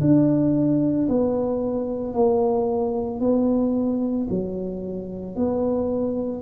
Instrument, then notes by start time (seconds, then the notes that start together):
tuba
0.00 D4
1.09 B3
2.13 A#3
3.20 B3
4.30 F#3
5.36 B3